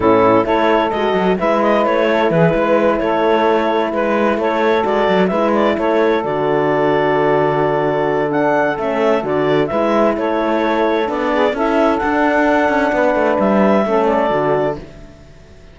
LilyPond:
<<
  \new Staff \with { instrumentName = "clarinet" } { \time 4/4 \tempo 4 = 130 a'4 cis''4 dis''4 e''8 dis''8 | cis''4 b'4. cis''4.~ | cis''8 b'4 cis''4 d''4 e''8 | d''8 cis''4 d''2~ d''8~ |
d''2 fis''4 e''4 | d''4 e''4 cis''2 | d''4 e''4 fis''2~ | fis''4 e''4. d''4. | }
  \new Staff \with { instrumentName = "saxophone" } { \time 4/4 e'4 a'2 b'4~ | b'8 a'8 gis'8 b'4 a'4.~ | a'8 b'4 a'2 b'8~ | b'8 a'2.~ a'8~ |
a'1~ | a'4 b'4 a'2~ | a'8 gis'8 a'2. | b'2 a'2 | }
  \new Staff \with { instrumentName = "horn" } { \time 4/4 cis'4 e'4 fis'4 e'4~ | e'1~ | e'2~ e'8 fis'4 e'8~ | e'4. fis'2~ fis'8~ |
fis'2 d'4 cis'4 | fis'4 e'2. | d'4 e'4 d'2~ | d'2 cis'4 fis'4 | }
  \new Staff \with { instrumentName = "cello" } { \time 4/4 a,4 a4 gis8 fis8 gis4 | a4 e8 gis4 a4.~ | a8 gis4 a4 gis8 fis8 gis8~ | gis8 a4 d2~ d8~ |
d2. a4 | d4 gis4 a2 | b4 cis'4 d'4. cis'8 | b8 a8 g4 a4 d4 | }
>>